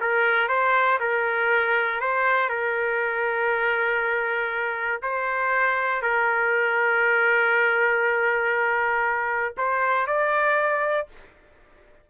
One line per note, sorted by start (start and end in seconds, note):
0.00 0.48 A#4
0.48 0.98 C5
0.99 2.00 A#4
2.00 2.49 C5
2.49 5.01 A#4
5.02 6.01 C5
6.01 9.54 A#4
9.57 10.07 C5
10.07 11.07 D5